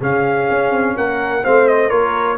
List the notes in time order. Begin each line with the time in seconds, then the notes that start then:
0.00 C#3 C#4 G#4 F5
0.51 C#4
0.72 C4
0.97 A#3 A#4 F#5
1.43 A3 C4 C5 F5
1.68 D#5
1.89 A#3 F4 A#4 C#5